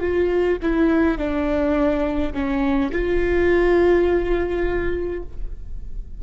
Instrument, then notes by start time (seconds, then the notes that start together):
viola
0.00 F4
0.62 E4
1.18 D4
2.33 C#4
2.92 F4